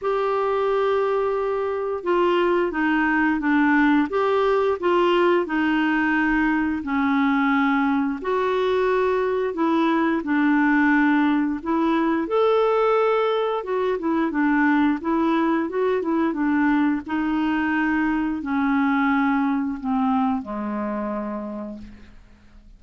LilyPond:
\new Staff \with { instrumentName = "clarinet" } { \time 4/4 \tempo 4 = 88 g'2. f'4 | dis'4 d'4 g'4 f'4 | dis'2 cis'2 | fis'2 e'4 d'4~ |
d'4 e'4 a'2 | fis'8 e'8 d'4 e'4 fis'8 e'8 | d'4 dis'2 cis'4~ | cis'4 c'4 gis2 | }